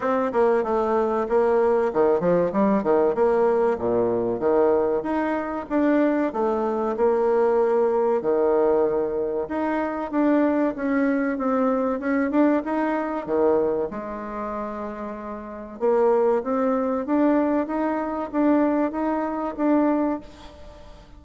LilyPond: \new Staff \with { instrumentName = "bassoon" } { \time 4/4 \tempo 4 = 95 c'8 ais8 a4 ais4 dis8 f8 | g8 dis8 ais4 ais,4 dis4 | dis'4 d'4 a4 ais4~ | ais4 dis2 dis'4 |
d'4 cis'4 c'4 cis'8 d'8 | dis'4 dis4 gis2~ | gis4 ais4 c'4 d'4 | dis'4 d'4 dis'4 d'4 | }